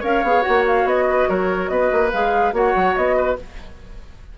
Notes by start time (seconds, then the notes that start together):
0.00 C#4 A#4 C#5 F5
0.23 B3 G#4
0.42 F#4 F#5
0.48 A#3
0.67 F5
0.85 B3 D#5
1.10 B4
1.29 F#3 A#4 C#5
1.68 B3 B4 D#5
1.92 A#3
2.13 G#3 G#4 F5
2.53 A#3 F#4 C#5 F#5
2.76 F#3
2.96 B3 D#5
3.16 B4